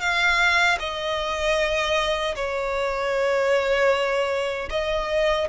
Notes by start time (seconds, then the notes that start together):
0.00 F5
0.79 D#5
2.35 C#5
4.70 D#5